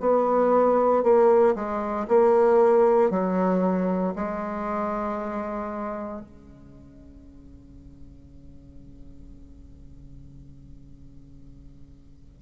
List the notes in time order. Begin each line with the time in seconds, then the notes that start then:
0.00 B3
1.03 A#3
1.55 G#3
2.08 A#3
3.11 F#3
4.16 G#3
6.21 C#3